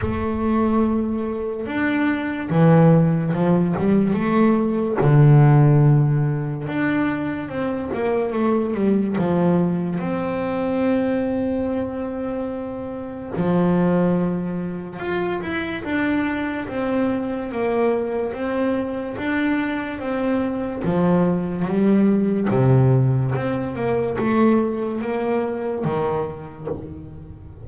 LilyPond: \new Staff \with { instrumentName = "double bass" } { \time 4/4 \tempo 4 = 72 a2 d'4 e4 | f8 g8 a4 d2 | d'4 c'8 ais8 a8 g8 f4 | c'1 |
f2 f'8 e'8 d'4 | c'4 ais4 c'4 d'4 | c'4 f4 g4 c4 | c'8 ais8 a4 ais4 dis4 | }